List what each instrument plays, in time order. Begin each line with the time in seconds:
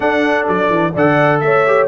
0.00 tuba D4, trombone D4, horn A4, trumpet F#5
0.48 tuba F#3, trumpet D5
0.69 tuba E3
0.93 tuba D3, trombone A4, horn D5, trumpet F#5
1.39 tuba A3, horn C#5, trumpet E5
1.66 trombone G4